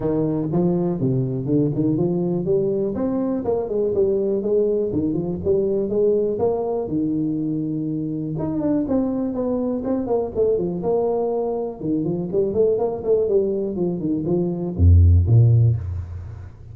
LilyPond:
\new Staff \with { instrumentName = "tuba" } { \time 4/4 \tempo 4 = 122 dis4 f4 c4 d8 dis8 | f4 g4 c'4 ais8 gis8 | g4 gis4 dis8 f8 g4 | gis4 ais4 dis2~ |
dis4 dis'8 d'8 c'4 b4 | c'8 ais8 a8 f8 ais2 | dis8 f8 g8 a8 ais8 a8 g4 | f8 dis8 f4 f,4 ais,4 | }